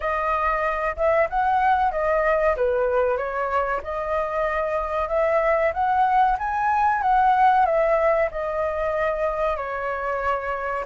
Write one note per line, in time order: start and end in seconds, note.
0.00 0.95 D#5
0.96 1.28 E5
1.29 1.91 F#5
1.91 2.55 D#5
2.56 3.17 B4
3.17 3.81 C#5
3.83 5.08 D#5
5.08 5.72 E5
5.73 6.37 F#5
6.38 7.02 G#5
7.02 7.65 F#5
7.65 8.29 E5
8.31 9.56 D#5
9.56 10.84 C#5